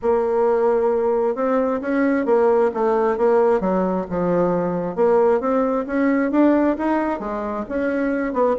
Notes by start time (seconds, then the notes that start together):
0.01 A#3
1.35 C4
1.81 C#4
2.25 A#3
2.74 A3
3.17 A#3
3.60 F#3
4.09 F3
4.95 A#3
5.40 C4
5.86 C#4
6.31 D4
6.78 D#4
7.19 G#3
7.69 C#4
8.33 B3